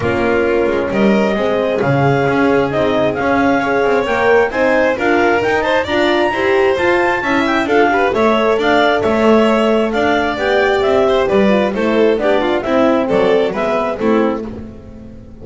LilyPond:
<<
  \new Staff \with { instrumentName = "clarinet" } { \time 4/4 \tempo 4 = 133 ais'2 dis''2 | f''2 dis''4 f''4~ | f''4 g''4 gis''4 f''4 | g''8 a''8 ais''2 a''4~ |
a''8 g''8 f''4 e''4 f''4 | e''2 f''4 g''4 | e''4 d''4 c''4 d''4 | e''4 d''4 e''4 a'4 | }
  \new Staff \with { instrumentName = "violin" } { \time 4/4 f'2 ais'4 gis'4~ | gis'1 | cis''2 c''4 ais'4~ | ais'8 c''8 d''4 c''2 |
e''4 a'8 b'8 cis''4 d''4 | cis''2 d''2~ | d''8 c''8 b'4 a'4 g'8 f'8 | e'4 a'4 b'4 e'4 | }
  \new Staff \with { instrumentName = "horn" } { \time 4/4 cis'2. c'4 | cis'2 dis'4 cis'4 | gis'4 ais'4 dis'4 f'4 | dis'4 f'4 g'4 f'4 |
e'4 f'8 g'8 a'2~ | a'2. g'4~ | g'4. f'8 e'4 d'4 | c'2 b4 c'4 | }
  \new Staff \with { instrumentName = "double bass" } { \time 4/4 ais4. gis8 g4 gis4 | cis4 cis'4 c'4 cis'4~ | cis'8 c'8 ais4 c'4 d'4 | dis'4 d'4 e'4 f'4 |
cis'4 d'4 a4 d'4 | a2 d'4 b4 | c'4 g4 a4 b4 | c'4 fis4 gis4 a4 | }
>>